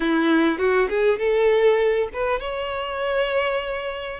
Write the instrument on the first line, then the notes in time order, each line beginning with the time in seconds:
violin
0.00 E4
0.58 F#4
0.89 G#4
1.18 A4
2.13 B4
2.40 C#5